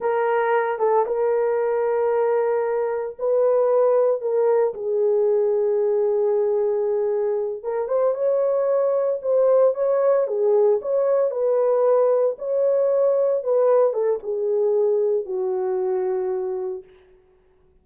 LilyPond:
\new Staff \with { instrumentName = "horn" } { \time 4/4 \tempo 4 = 114 ais'4. a'8 ais'2~ | ais'2 b'2 | ais'4 gis'2.~ | gis'2~ gis'8 ais'8 c''8 cis''8~ |
cis''4. c''4 cis''4 gis'8~ | gis'8 cis''4 b'2 cis''8~ | cis''4. b'4 a'8 gis'4~ | gis'4 fis'2. | }